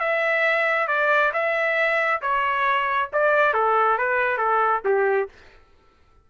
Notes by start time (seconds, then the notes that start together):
0.00 E5
0.88 D5
1.34 E5
2.22 C#5
3.13 D5
3.54 A4
3.98 B4
4.38 A4
4.85 G4